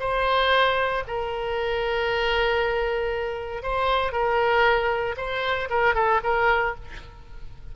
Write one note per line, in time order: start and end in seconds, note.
0.00 1.03 C5
1.07 3.63 A#4
3.63 4.12 C5
4.12 5.16 A#4
5.17 5.69 C5
5.70 5.95 A#4
5.95 6.20 A4
6.23 6.75 A#4